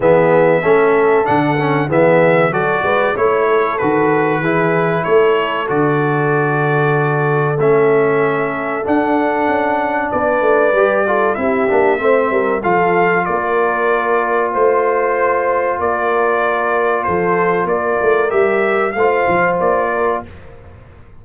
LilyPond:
<<
  \new Staff \with { instrumentName = "trumpet" } { \time 4/4 \tempo 4 = 95 e''2 fis''4 e''4 | d''4 cis''4 b'2 | cis''4 d''2. | e''2 fis''2 |
d''2 e''2 | f''4 d''2 c''4~ | c''4 d''2 c''4 | d''4 e''4 f''4 d''4 | }
  \new Staff \with { instrumentName = "horn" } { \time 4/4 gis'4 a'2 gis'4 | a'8 b'8 cis''8 a'4. gis'4 | a'1~ | a'1 |
b'4. a'8 g'4 c''8 ais'8 | a'4 ais'2 c''4~ | c''4 ais'2 a'4 | ais'2 c''4. ais'8 | }
  \new Staff \with { instrumentName = "trombone" } { \time 4/4 b4 cis'4 d'8 cis'8 b4 | fis'4 e'4 fis'4 e'4~ | e'4 fis'2. | cis'2 d'2~ |
d'4 g'8 f'8 e'8 d'8 c'4 | f'1~ | f'1~ | f'4 g'4 f'2 | }
  \new Staff \with { instrumentName = "tuba" } { \time 4/4 e4 a4 d4 e4 | fis8 gis8 a4 dis4 e4 | a4 d2. | a2 d'4 cis'4 |
b8 a8 g4 c'8 ais8 a8 g8 | f4 ais2 a4~ | a4 ais2 f4 | ais8 a8 g4 a8 f8 ais4 | }
>>